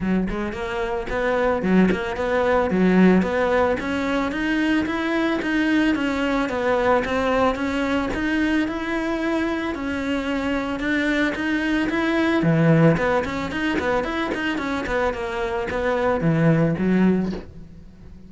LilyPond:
\new Staff \with { instrumentName = "cello" } { \time 4/4 \tempo 4 = 111 fis8 gis8 ais4 b4 fis8 ais8 | b4 fis4 b4 cis'4 | dis'4 e'4 dis'4 cis'4 | b4 c'4 cis'4 dis'4 |
e'2 cis'2 | d'4 dis'4 e'4 e4 | b8 cis'8 dis'8 b8 e'8 dis'8 cis'8 b8 | ais4 b4 e4 fis4 | }